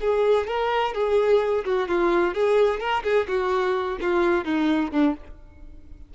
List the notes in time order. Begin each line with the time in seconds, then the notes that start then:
0.00 G#4
0.47 A#4
0.94 G#4
1.65 F#4
1.88 F4
2.34 G#4
2.79 A#4
3.03 G#4
3.27 F#4
4.00 F4
4.44 D#4
4.91 D4